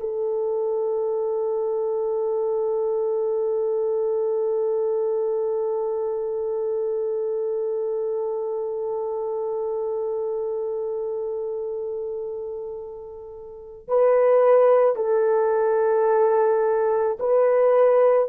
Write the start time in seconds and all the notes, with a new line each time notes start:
0.00 A4
13.88 B4
14.95 A4
17.20 B4